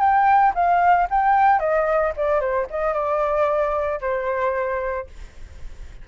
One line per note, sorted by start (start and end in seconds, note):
0.00 0.53 G5
0.55 1.08 F5
1.10 1.60 G5
1.60 2.13 D#5
2.17 2.40 D5
2.40 2.67 C5
2.70 2.94 D#5
2.94 4.00 D5
4.01 5.08 C5